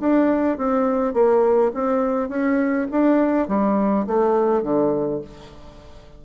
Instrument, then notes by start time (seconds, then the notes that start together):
bassoon
0.00 D4
0.58 C4
1.13 A#3
1.74 C4
2.29 C#4
2.91 D4
3.48 G3
4.07 A3
4.63 D3